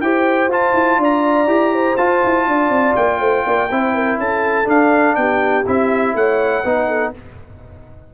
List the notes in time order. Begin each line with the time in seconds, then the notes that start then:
0.00 E4 G4 C5 G5
0.47 F4 A5
0.73 E4
0.97 D4 D5 A#5
1.46 E4 G4
1.72 C5
1.96 F4 A5
2.23 E4
2.46 D4 D5
2.69 C4
2.95 A#3 G5
3.19 A3 C5
3.45 A#3 D5
3.70 C4 E4 C5
3.94 A#4
4.17 C#4 A4 A5
4.64 D4 F5
5.15 B3 G4 G5
5.65 C4 E4 E5
6.14 A3 C#5 F#5
6.63 B3 D#4 B4
6.87 A4